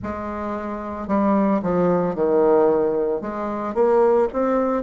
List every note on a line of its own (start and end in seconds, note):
0.02 1.07 G#3
1.07 1.61 G3
1.62 2.15 F3
2.15 3.21 D#3
3.21 3.74 G#3
3.74 4.28 A#3
4.32 4.83 C4